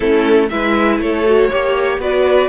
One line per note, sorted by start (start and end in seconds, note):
0.00 0.51 A3
0.00 0.49 C#4
0.00 0.49 E4
0.00 0.48 A4
0.49 0.98 G#3
0.49 1.25 E4
0.49 1.01 B4
0.49 0.99 E5
0.98 1.48 A3
0.98 1.48 A4
0.98 2.00 C#5
1.25 1.50 F#4
1.48 1.98 A#3
1.48 2.00 G4
1.48 1.98 C#5
1.98 2.48 B3
1.98 2.48 F#4
1.98 2.48 B4
1.98 2.48 D5